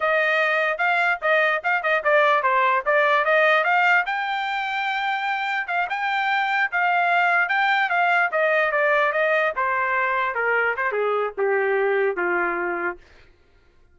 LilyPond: \new Staff \with { instrumentName = "trumpet" } { \time 4/4 \tempo 4 = 148 dis''2 f''4 dis''4 | f''8 dis''8 d''4 c''4 d''4 | dis''4 f''4 g''2~ | g''2 f''8 g''4.~ |
g''8 f''2 g''4 f''8~ | f''8 dis''4 d''4 dis''4 c''8~ | c''4. ais'4 c''8 gis'4 | g'2 f'2 | }